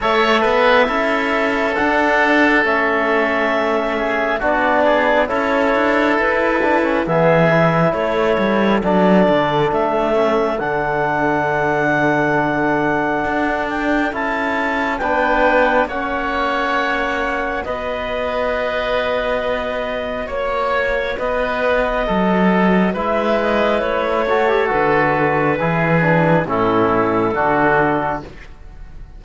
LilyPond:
<<
  \new Staff \with { instrumentName = "clarinet" } { \time 4/4 \tempo 4 = 68 e''2 fis''4 e''4~ | e''4 d''4 cis''4 b'4 | e''4 cis''4 d''4 e''4 | fis''2.~ fis''8 g''8 |
a''4 g''4 fis''2 | dis''2. cis''4 | dis''2 e''8 dis''8 cis''4 | b'2 a'2 | }
  \new Staff \with { instrumentName = "oboe" } { \time 4/4 cis''8 b'8 a'2.~ | a'8 gis'8 fis'8 gis'8 a'2 | gis'4 a'2.~ | a'1~ |
a'4 b'4 cis''2 | b'2. cis''4 | b'4 a'4 b'4. a'8~ | a'4 gis'4 e'4 fis'4 | }
  \new Staff \with { instrumentName = "trombone" } { \time 4/4 a'4 e'4 d'4 cis'4~ | cis'4 d'4 e'4. d'16 cis'16 | b8 e'4. d'4. cis'8 | d'1 |
e'4 d'4 cis'2 | fis'1~ | fis'2 e'4. fis'16 g'16 | fis'4 e'8 d'8 cis'4 d'4 | }
  \new Staff \with { instrumentName = "cello" } { \time 4/4 a8 b8 cis'4 d'4 a4~ | a4 b4 cis'8 d'8 e'4 | e4 a8 g8 fis8 d8 a4 | d2. d'4 |
cis'4 b4 ais2 | b2. ais4 | b4 fis4 gis4 a4 | d4 e4 a,4 d4 | }
>>